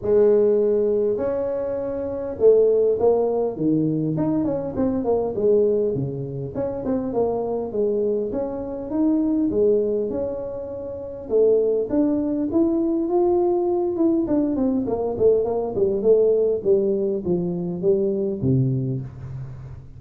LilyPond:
\new Staff \with { instrumentName = "tuba" } { \time 4/4 \tempo 4 = 101 gis2 cis'2 | a4 ais4 dis4 dis'8 cis'8 | c'8 ais8 gis4 cis4 cis'8 c'8 | ais4 gis4 cis'4 dis'4 |
gis4 cis'2 a4 | d'4 e'4 f'4. e'8 | d'8 c'8 ais8 a8 ais8 g8 a4 | g4 f4 g4 c4 | }